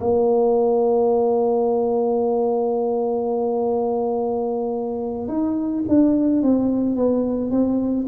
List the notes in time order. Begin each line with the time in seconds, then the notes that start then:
0.00 A#3
5.28 D#4
5.88 D4
6.42 C4
6.95 B3
7.51 C4